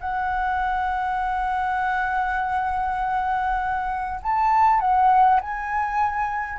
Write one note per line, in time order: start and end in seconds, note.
0.00 4.20 F#5
4.22 4.80 A5
4.80 5.40 F#5
5.41 6.59 G#5